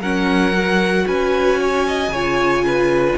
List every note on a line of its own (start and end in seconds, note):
0.00 1.05 F#3
0.00 0.53 C#4
0.00 1.05 A#4
0.00 1.07 F#5
0.53 2.11 F#4
1.07 2.09 C#4
1.07 1.60 B4
1.07 3.18 G#5
1.60 1.86 C#5
1.87 2.12 D#5
2.09 3.14 C#3
2.09 3.18 F4
2.09 2.65 C#5
2.66 3.18 B4